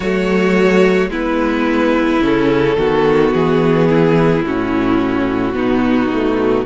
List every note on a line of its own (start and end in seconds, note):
0.00 1.09 F#3
0.00 1.11 A3
0.00 1.09 F#4
0.00 1.10 C#5
1.09 2.20 G#3
1.09 2.21 B3
1.09 2.77 E4
1.09 2.23 B4
2.21 2.76 C#3
2.21 2.76 C#4
2.21 3.34 A4
2.76 3.32 D#3
2.76 4.44 B3
2.76 3.88 F#4
3.34 4.42 E3
3.34 4.45 G#4
3.89 5.55 E4
4.42 5.53 A2
4.42 5.53 C#4
4.42 6.65 F#4
5.53 6.65 B2
5.53 6.09 B3
5.53 6.65 D#4
6.12 6.65 A3